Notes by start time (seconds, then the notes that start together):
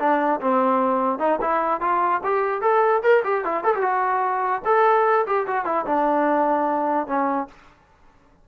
0.00 D4
0.41 C4
1.19 D#4
1.41 E4
1.81 F4
2.24 G4
2.62 A4
3.03 A#4
3.25 G4
3.45 E4
3.64 A4
3.75 G4
3.82 F#4
4.65 A4
5.27 G4
5.47 F#4
5.66 E4
5.86 D4
7.07 C#4